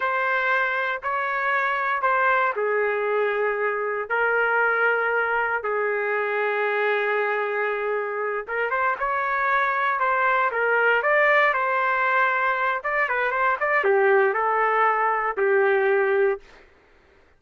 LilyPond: \new Staff \with { instrumentName = "trumpet" } { \time 4/4 \tempo 4 = 117 c''2 cis''2 | c''4 gis'2. | ais'2. gis'4~ | gis'1~ |
gis'8 ais'8 c''8 cis''2 c''8~ | c''8 ais'4 d''4 c''4.~ | c''4 d''8 b'8 c''8 d''8 g'4 | a'2 g'2 | }